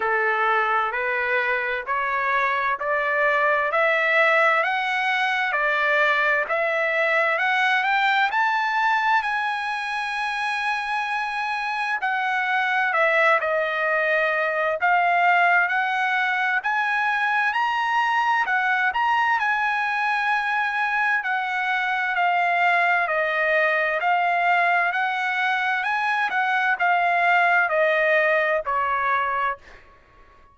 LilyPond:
\new Staff \with { instrumentName = "trumpet" } { \time 4/4 \tempo 4 = 65 a'4 b'4 cis''4 d''4 | e''4 fis''4 d''4 e''4 | fis''8 g''8 a''4 gis''2~ | gis''4 fis''4 e''8 dis''4. |
f''4 fis''4 gis''4 ais''4 | fis''8 ais''8 gis''2 fis''4 | f''4 dis''4 f''4 fis''4 | gis''8 fis''8 f''4 dis''4 cis''4 | }